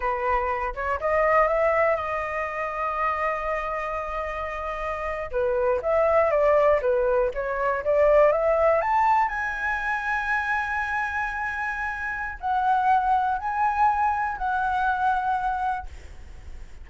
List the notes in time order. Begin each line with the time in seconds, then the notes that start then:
0.00 B4
0.75 C#5
1.00 D#5
1.47 E5
1.96 D#5
5.31 B4
5.82 E5
6.30 D5
6.81 B4
7.34 C#5
7.84 D5
8.32 E5
8.81 A5
9.28 G#5
12.40 F#5
13.38 G#5
14.37 F#5